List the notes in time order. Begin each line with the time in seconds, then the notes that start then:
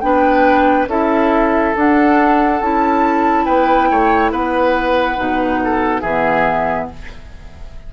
0.00 B3 D4 B4 G5
0.86 C#4 E4 A4 E5
1.75 D4 F#5
2.61 C#4 E4 A5
3.45 B3 B4 G5
3.90 A3 C#5
4.31 B3 B4 F#5
5.16 B2 D#4
5.64 A4
6.01 E3 B3 G#4 E5